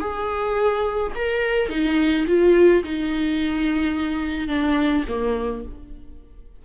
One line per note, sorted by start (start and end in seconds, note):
0.00 1.12 G#4
1.15 1.69 A#4
1.69 2.26 D#4
2.27 2.83 F4
2.84 4.48 D#4
4.48 5.04 D4
5.08 5.65 A#3